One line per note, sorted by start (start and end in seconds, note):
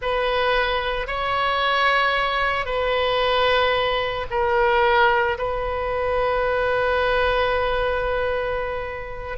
0.01 1.07 B4
1.07 2.65 C#5
2.65 4.26 B4
4.30 5.37 A#4
5.38 9.37 B4